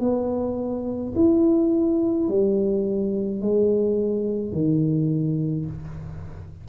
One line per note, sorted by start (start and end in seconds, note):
0.00 1.13 B3
1.15 2.28 E4
2.28 3.41 G3
3.41 4.52 G#3
4.52 5.66 D#3